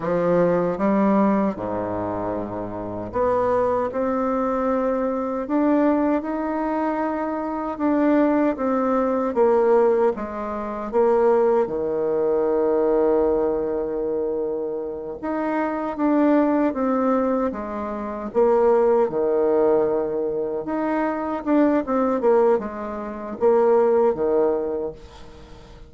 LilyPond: \new Staff \with { instrumentName = "bassoon" } { \time 4/4 \tempo 4 = 77 f4 g4 gis,2 | b4 c'2 d'4 | dis'2 d'4 c'4 | ais4 gis4 ais4 dis4~ |
dis2.~ dis8 dis'8~ | dis'8 d'4 c'4 gis4 ais8~ | ais8 dis2 dis'4 d'8 | c'8 ais8 gis4 ais4 dis4 | }